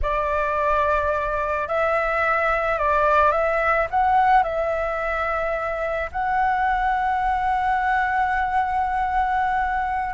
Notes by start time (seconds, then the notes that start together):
0.02 D5
1.67 E5
2.78 D5
3.31 E5
3.90 F#5
4.43 E5
6.12 F#5